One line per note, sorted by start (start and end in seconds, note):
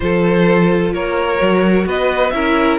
0.00 0.93 F3
0.00 1.38 F4
0.00 0.93 A4
0.00 0.92 C5
0.93 1.39 A#3
0.93 1.86 A#4
0.93 1.87 C#5
1.38 1.86 F#3
1.38 2.31 F#4
1.86 2.32 B3
1.86 2.33 B4
1.86 2.30 D#5
2.30 2.78 C#4
2.30 2.79 E4
2.30 2.79 A#4
2.30 2.76 E5